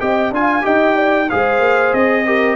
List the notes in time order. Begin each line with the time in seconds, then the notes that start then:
0.00 C4 G4 D#5 G5
0.31 D4 F4 F5 G#5
0.62 D#4 G4 D#5 G5
0.97 D5
1.30 G#3 G#4 C5 F5
1.59 A#3
1.93 C4 D#5
2.26 G4 A#4